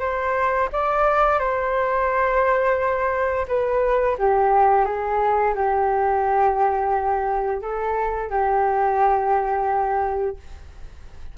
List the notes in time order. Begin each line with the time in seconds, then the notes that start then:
0.00 C5
0.72 D5
1.39 C5
3.48 B4
4.19 G4
4.86 G#4
5.55 G4
7.62 A4
8.30 G4